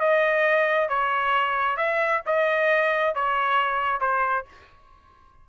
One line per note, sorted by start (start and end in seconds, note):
0.00 0.89 D#5
0.89 1.77 C#5
1.77 2.22 E5
2.26 3.15 D#5
3.15 4.01 C#5
4.01 4.45 C5